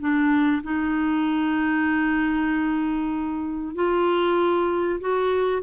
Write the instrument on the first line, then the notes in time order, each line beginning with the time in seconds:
clarinet
0.00 D4
0.63 D#4
3.75 F4
5.00 F#4